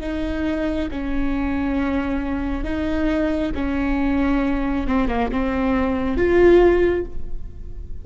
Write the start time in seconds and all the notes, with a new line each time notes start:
0.00 D#4
0.91 C#4
2.64 D#4
3.55 C#4
4.86 C4
5.08 A#3
5.31 C4
6.16 F4